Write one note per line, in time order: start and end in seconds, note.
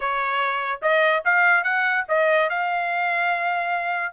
0.00 0.80 C#5
0.82 1.23 D#5
1.24 1.63 F5
1.63 2.04 F#5
2.08 2.49 D#5
2.49 4.13 F5